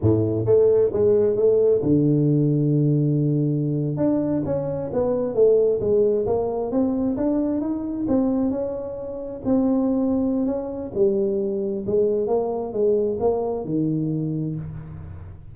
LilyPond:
\new Staff \with { instrumentName = "tuba" } { \time 4/4 \tempo 4 = 132 a,4 a4 gis4 a4 | d1~ | d8. d'4 cis'4 b4 a16~ | a8. gis4 ais4 c'4 d'16~ |
d'8. dis'4 c'4 cis'4~ cis'16~ | cis'8. c'2~ c'16 cis'4 | g2 gis4 ais4 | gis4 ais4 dis2 | }